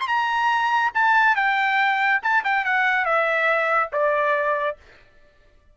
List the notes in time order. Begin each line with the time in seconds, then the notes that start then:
0.00 C6
0.08 A#5
0.94 A5
1.36 G5
2.22 A5
2.44 G5
2.65 F#5
3.05 E5
3.92 D5